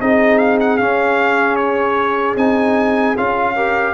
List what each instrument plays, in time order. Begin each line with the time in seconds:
0.00 tuba C4, trombone D#4, horn G#4, trumpet D#5
0.38 trumpet F5
0.60 trumpet F#5
0.77 trombone C#4, tuba C#4, trumpet F5
1.56 trumpet C#5
2.36 tuba C4, trombone D#4, trumpet G#5
3.16 tuba C#4, trombone F4, trumpet F5
3.55 trombone G4, horn A#4